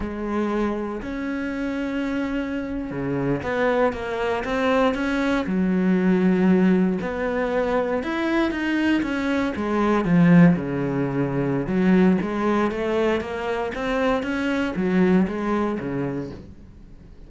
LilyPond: \new Staff \with { instrumentName = "cello" } { \time 4/4 \tempo 4 = 118 gis2 cis'2~ | cis'4.~ cis'16 cis4 b4 ais16~ | ais8. c'4 cis'4 fis4~ fis16~ | fis4.~ fis16 b2 e'16~ |
e'8. dis'4 cis'4 gis4 f16~ | f8. cis2~ cis16 fis4 | gis4 a4 ais4 c'4 | cis'4 fis4 gis4 cis4 | }